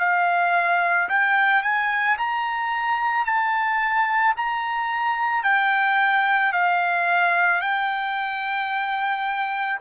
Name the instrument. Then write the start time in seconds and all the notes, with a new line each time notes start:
trumpet
0.00 F5
1.10 G5
1.63 G#5
2.18 A#5
3.26 A5
4.37 A#5
5.44 G5
6.53 F5
7.62 G5